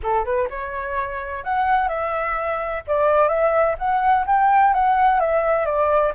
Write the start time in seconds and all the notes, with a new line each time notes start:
0.02 A4
0.24 B4
0.49 C#5
1.43 F#5
1.88 E5
2.87 D5
3.28 E5
3.78 F#5
4.26 G5
4.73 F#5
5.20 E5
5.65 D5